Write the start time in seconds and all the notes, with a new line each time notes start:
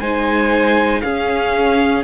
0.00 G#3 D#4 C5 G#5
1.01 C#4 G#4 F5